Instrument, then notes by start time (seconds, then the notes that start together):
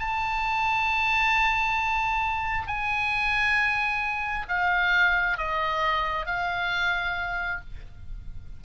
oboe
0.00 A5
2.68 G#5
4.49 F5
5.38 D#5
6.26 F5